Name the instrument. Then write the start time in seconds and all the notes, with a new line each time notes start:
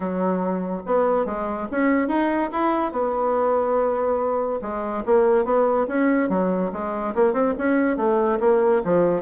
bassoon
0.00 F#3
0.85 B3
1.25 G#3
1.71 C#4
2.08 D#4
2.52 E4
2.92 B3
4.61 G#3
5.05 A#3
5.45 B3
5.87 C#4
6.29 F#3
6.72 G#3
7.14 A#3
7.33 C4
7.57 C#4
7.96 A3
8.40 A#3
8.84 F3